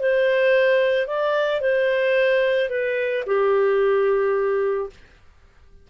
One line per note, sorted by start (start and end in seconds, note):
0.00 1.07 C5
1.07 1.61 D5
1.61 2.70 C5
2.70 3.24 B4
3.26 4.90 G4